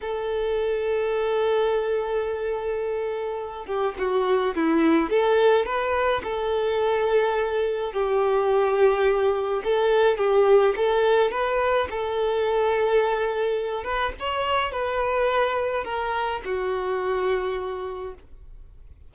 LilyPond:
\new Staff \with { instrumentName = "violin" } { \time 4/4 \tempo 4 = 106 a'1~ | a'2~ a'8 g'8 fis'4 | e'4 a'4 b'4 a'4~ | a'2 g'2~ |
g'4 a'4 g'4 a'4 | b'4 a'2.~ | a'8 b'8 cis''4 b'2 | ais'4 fis'2. | }